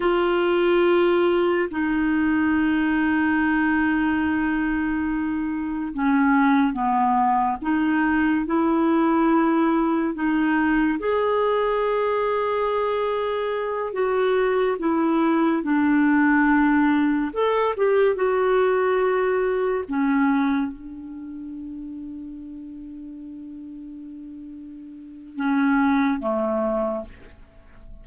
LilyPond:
\new Staff \with { instrumentName = "clarinet" } { \time 4/4 \tempo 4 = 71 f'2 dis'2~ | dis'2. cis'4 | b4 dis'4 e'2 | dis'4 gis'2.~ |
gis'8 fis'4 e'4 d'4.~ | d'8 a'8 g'8 fis'2 cis'8~ | cis'8 d'2.~ d'8~ | d'2 cis'4 a4 | }